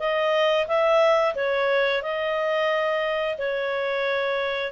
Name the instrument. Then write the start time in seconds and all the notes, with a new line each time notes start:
clarinet
0.00 D#5
0.68 E5
1.35 C#5
2.03 D#5
3.38 C#5